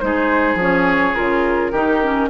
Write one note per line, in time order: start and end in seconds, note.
0.00 0.55 G#3
0.00 0.58 D#4
0.00 1.72 G#4
0.00 0.57 C5
0.55 1.12 F3
0.55 1.15 C#4
0.62 1.15 C#5
1.15 1.73 C#3
1.15 1.72 F4
1.15 2.29 A#4
1.72 2.30 D#3
1.72 2.03 D#4
1.72 2.29 G4
2.03 2.30 C#4